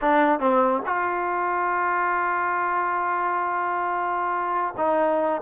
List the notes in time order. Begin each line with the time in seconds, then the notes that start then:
0.01 D4
0.39 C4
0.86 F4
4.77 D#4